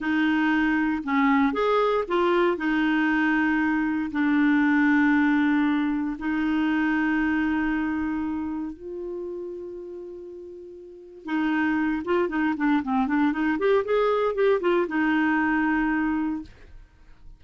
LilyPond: \new Staff \with { instrumentName = "clarinet" } { \time 4/4 \tempo 4 = 117 dis'2 cis'4 gis'4 | f'4 dis'2. | d'1 | dis'1~ |
dis'4 f'2.~ | f'2 dis'4. f'8 | dis'8 d'8 c'8 d'8 dis'8 g'8 gis'4 | g'8 f'8 dis'2. | }